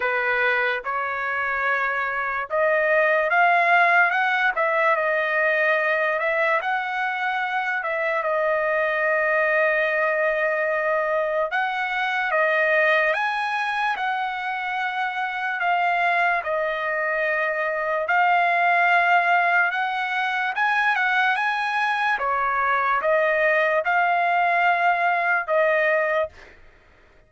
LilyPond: \new Staff \with { instrumentName = "trumpet" } { \time 4/4 \tempo 4 = 73 b'4 cis''2 dis''4 | f''4 fis''8 e''8 dis''4. e''8 | fis''4. e''8 dis''2~ | dis''2 fis''4 dis''4 |
gis''4 fis''2 f''4 | dis''2 f''2 | fis''4 gis''8 fis''8 gis''4 cis''4 | dis''4 f''2 dis''4 | }